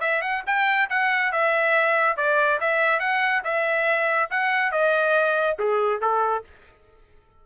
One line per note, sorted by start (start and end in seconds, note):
0.00 0.21 E5
0.21 0.43 F#5
0.46 0.89 G5
0.89 1.32 F#5
1.32 2.16 E5
2.16 2.59 D5
2.60 2.99 E5
2.99 3.42 F#5
3.44 4.29 E5
4.30 4.71 F#5
4.71 5.57 D#5
5.59 6.01 G#4
6.01 6.44 A4